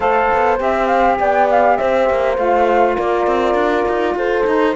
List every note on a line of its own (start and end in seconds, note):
0.00 0.29 A3
0.00 0.57 A4
0.00 1.18 C5
0.00 0.58 F5
0.33 0.60 B3
0.57 1.19 C4
0.57 2.35 G4
0.57 0.87 E5
0.87 1.16 F5
1.19 1.78 B3
1.19 1.78 D5
1.19 1.49 G5
1.50 1.76 F5
1.76 2.09 C4
1.76 2.96 C5
1.76 2.35 E5
2.09 2.37 A#3
2.37 2.97 A3
2.37 4.44 F4
2.37 2.97 F5
2.96 3.26 A#3
2.96 4.15 A#4
2.96 4.16 D5
3.26 3.54 C4
3.54 3.84 D4
3.88 4.14 D#4
4.14 4.44 F4
4.14 4.75 A4
4.14 4.75 C5
4.45 4.75 D#4